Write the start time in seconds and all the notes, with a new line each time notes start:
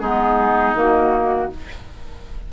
0.00 G#3 B3 D#4 G#4
0.74 D#3 A#3 F#4